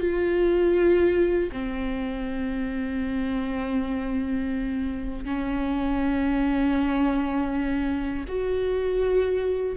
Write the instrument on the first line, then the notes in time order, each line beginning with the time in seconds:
viola
0.00 F4
1.52 C4
5.25 C#4
8.28 F#4